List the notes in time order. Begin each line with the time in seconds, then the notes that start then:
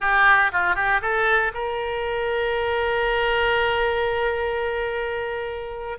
0.00 G4
0.52 F4
0.75 G4
1.01 A4
1.54 A#4